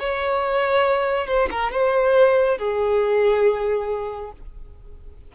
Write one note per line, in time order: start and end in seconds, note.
0.00 1.27 C#5
1.27 1.49 C5
1.51 1.72 A#4
1.72 2.58 C5
2.58 4.32 G#4